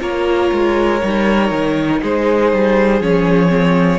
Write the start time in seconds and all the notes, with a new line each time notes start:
0.00 A#3 F4 A#4 C#5
0.52 G#3
1.01 G3 D#4
1.51 D#3
2.02 G#3 G#4 C5
2.52 G3
3.00 F3 C#4 C#5
3.48 C4